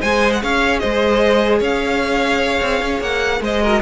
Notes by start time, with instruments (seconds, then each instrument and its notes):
0.00 cello G#3, viola G#4, violin C5 G#5
0.32 violin F#5
0.43 cello C#4, violin C#5 F5
0.79 cello G#3, violin C5 D#5
1.59 cello C#4, violin C#5 F5
2.62 cello C4
2.82 cello C#4
3.00 cello A#3, violin F#5
3.40 cello G#3, violin C5 D#5
3.61 viola F#4, violin A#4